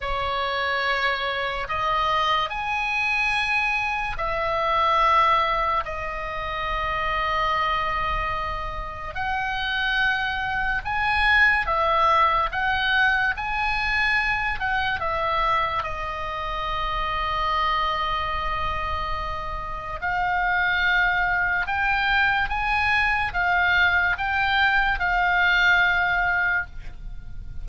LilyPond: \new Staff \with { instrumentName = "oboe" } { \time 4/4 \tempo 4 = 72 cis''2 dis''4 gis''4~ | gis''4 e''2 dis''4~ | dis''2. fis''4~ | fis''4 gis''4 e''4 fis''4 |
gis''4. fis''8 e''4 dis''4~ | dis''1 | f''2 g''4 gis''4 | f''4 g''4 f''2 | }